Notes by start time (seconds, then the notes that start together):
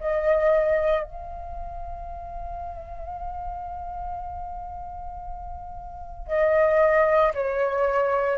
0.00 D#5
1.04 F5
6.28 D#5
7.34 C#5